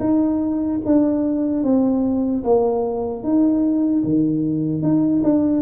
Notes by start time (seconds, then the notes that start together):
0.00 D#4
0.85 D4
1.64 C4
2.44 A#3
3.24 D#4
4.04 D#3
4.82 D#4
5.24 D4